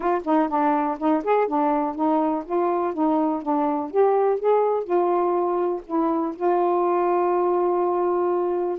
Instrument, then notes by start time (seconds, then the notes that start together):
saxophone
0.00 F4
0.24 D#4
0.48 D4
0.98 D#4
1.24 G#4
1.47 D4
1.95 D#4
2.45 F4
2.93 D#4
3.42 D4
3.90 G4
4.39 G#4
4.84 F4
5.86 E4
6.35 F4